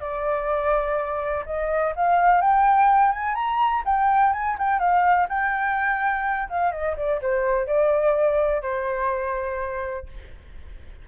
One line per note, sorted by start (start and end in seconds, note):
0.00 1.44 D5
1.46 1.94 D#5
1.95 2.41 F5
2.41 3.12 G5
3.12 3.35 G#5
3.35 3.83 A#5
3.85 4.33 G5
4.33 4.57 G#5
4.58 4.79 G5
4.79 5.27 F5
5.28 6.48 G5
6.49 6.71 F5
6.71 6.95 D#5
6.96 7.20 D5
7.22 7.66 C5
7.66 8.62 D5
8.62 10.06 C5